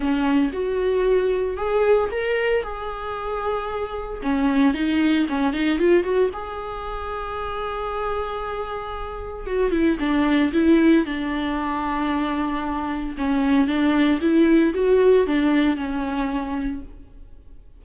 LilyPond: \new Staff \with { instrumentName = "viola" } { \time 4/4 \tempo 4 = 114 cis'4 fis'2 gis'4 | ais'4 gis'2. | cis'4 dis'4 cis'8 dis'8 f'8 fis'8 | gis'1~ |
gis'2 fis'8 e'8 d'4 | e'4 d'2.~ | d'4 cis'4 d'4 e'4 | fis'4 d'4 cis'2 | }